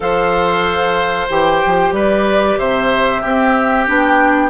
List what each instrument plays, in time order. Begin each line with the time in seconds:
0.00 bassoon F3, clarinet A4, oboe C5, flute F5
1.29 bassoon E3, clarinet G4, flute G5
1.66 bassoon F3
1.92 bassoon G3, oboe B4, flute D5
2.58 bassoon C3, oboe C5, flute E5
3.21 bassoon C4, clarinet C4, oboe G4
3.84 bassoon B3, clarinet D4, flute G5